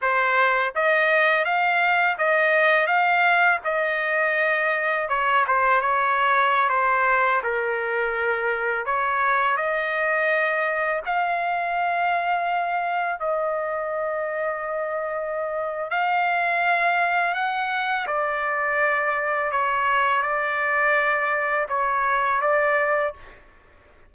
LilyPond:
\new Staff \with { instrumentName = "trumpet" } { \time 4/4 \tempo 4 = 83 c''4 dis''4 f''4 dis''4 | f''4 dis''2 cis''8 c''8 | cis''4~ cis''16 c''4 ais'4.~ ais'16~ | ais'16 cis''4 dis''2 f''8.~ |
f''2~ f''16 dis''4.~ dis''16~ | dis''2 f''2 | fis''4 d''2 cis''4 | d''2 cis''4 d''4 | }